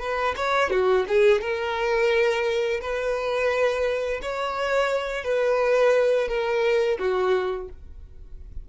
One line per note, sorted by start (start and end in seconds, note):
0.00 0.35 B4
0.36 0.71 C#5
0.71 1.06 F#4
1.08 1.41 G#4
1.41 2.81 A#4
2.81 4.21 B4
4.22 5.24 C#5
5.24 6.28 B4
6.28 6.98 A#4
6.99 7.69 F#4